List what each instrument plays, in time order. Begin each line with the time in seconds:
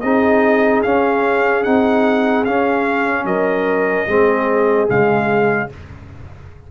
0.00 tuba C4, trombone D#4, horn G#4, trumpet D#5
0.82 trombone C#4, tuba C#4, trumpet F5
1.63 tuba C4, trombone D#4, trumpet F#5
2.44 tuba C#4, trombone C#4, trumpet F5
3.24 tuba F#3, horn A#4, trumpet D#5
4.07 tuba G#3, trombone C4, horn G#4
4.88 tuba C#3, trombone G#3, trumpet F5